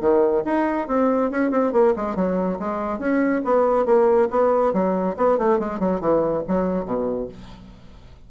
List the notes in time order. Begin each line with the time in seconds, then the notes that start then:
0.00 D#3
0.45 D#4
0.87 C4
1.31 C#4
1.51 C4
1.72 A#3
1.96 G#3
2.15 F#3
2.59 G#3
2.98 C#4
3.44 B3
3.86 A#3
4.30 B3
4.73 F#3
5.16 B3
5.38 A3
5.59 G#3
5.80 F#3
6.00 E3
6.47 F#3
6.85 B2